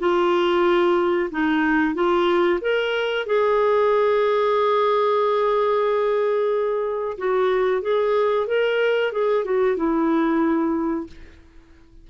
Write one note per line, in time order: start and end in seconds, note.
0.00 1.30 F4
1.32 1.95 D#4
1.95 2.60 F4
2.61 3.26 A#4
3.27 7.18 G#4
7.18 7.82 F#4
7.82 8.47 G#4
8.47 9.12 A#4
9.12 9.45 G#4
9.45 9.77 F#4
9.77 11.07 E4